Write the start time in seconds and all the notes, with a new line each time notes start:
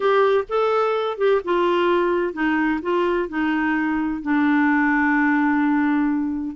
0.00 G4
0.48 A4
1.17 G4
1.44 F4
2.33 D#4
2.81 F4
3.28 D#4
4.22 D4